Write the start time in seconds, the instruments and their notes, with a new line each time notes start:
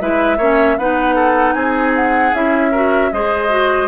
0.00 bassoon G#3, clarinet E4, oboe B4, flute E5
0.37 bassoon A#3, clarinet C#4, oboe C#5
0.78 bassoon B3, clarinet D#4, oboe B4, flute F#5
1.15 oboe A4
1.53 bassoon C4, oboe G#4, flute G#5
1.96 flute F#5
2.33 bassoon C#4, clarinet E4, flute E5
2.71 clarinet F#4, oboe A#4
3.12 bassoon G#3, clarinet G#4, oboe C5, flute D#5
3.49 clarinet F#4